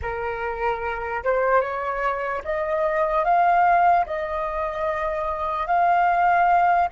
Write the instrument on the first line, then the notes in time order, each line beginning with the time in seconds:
flute
0.01 A#4
1.23 C5
1.61 C#5
2.44 D#5
3.24 F5
4.05 D#5
5.66 F5